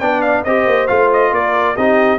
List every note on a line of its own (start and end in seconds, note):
0.00 0.45 B3
0.00 0.46 D4
0.00 0.44 D5
0.00 0.22 G5
0.22 0.44 F5
0.44 0.66 C4
0.44 0.88 G4
0.44 1.32 C5
0.44 0.87 D#5
0.66 0.88 A#3
0.87 1.32 A3
0.87 1.76 F4
0.87 1.09 F5
1.13 1.34 D#5
1.32 1.76 A#3
1.32 1.76 A#4
1.32 1.76 D5
1.76 2.19 C4
1.76 2.19 D#4
1.76 2.19 G4
1.76 2.19 D#5